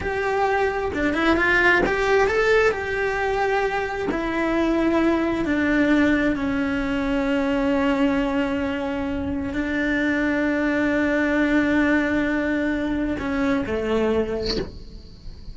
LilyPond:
\new Staff \with { instrumentName = "cello" } { \time 4/4 \tempo 4 = 132 g'2 d'8 e'8 f'4 | g'4 a'4 g'2~ | g'4 e'2. | d'2 cis'2~ |
cis'1~ | cis'4 d'2.~ | d'1~ | d'4 cis'4 a2 | }